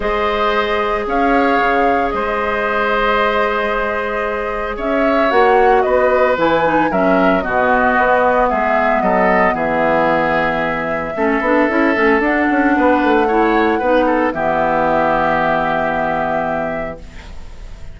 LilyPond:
<<
  \new Staff \with { instrumentName = "flute" } { \time 4/4 \tempo 4 = 113 dis''2 f''2 | dis''1~ | dis''4 e''4 fis''4 dis''4 | gis''4 e''4 dis''2 |
e''4 dis''4 e''2~ | e''2. fis''4~ | fis''2. e''4~ | e''1 | }
  \new Staff \with { instrumentName = "oboe" } { \time 4/4 c''2 cis''2 | c''1~ | c''4 cis''2 b'4~ | b'4 ais'4 fis'2 |
gis'4 a'4 gis'2~ | gis'4 a'2. | b'4 cis''4 b'8 a'8 g'4~ | g'1 | }
  \new Staff \with { instrumentName = "clarinet" } { \time 4/4 gis'1~ | gis'1~ | gis'2 fis'2 | e'8 dis'8 cis'4 b2~ |
b1~ | b4 cis'8 d'8 e'8 cis'8 d'4~ | d'4 e'4 dis'4 b4~ | b1 | }
  \new Staff \with { instrumentName = "bassoon" } { \time 4/4 gis2 cis'4 cis4 | gis1~ | gis4 cis'4 ais4 b4 | e4 fis4 b,4 b4 |
gis4 fis4 e2~ | e4 a8 b8 cis'8 a8 d'8 cis'8 | b8 a4. b4 e4~ | e1 | }
>>